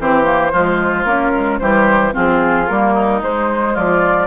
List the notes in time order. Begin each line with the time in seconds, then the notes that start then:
0.00 E3 C4 G4 C5
0.24 A#3
0.53 F3 G#3 F4
1.05 A#3 C#4 A#4
1.34 G#3
1.59 E3 G3 G4 C5
2.13 F3 C4 F4 G#4
2.68 G3 A#3 A#4
2.94 D#4
3.22 G#3 C5
3.74 F3 F4 D5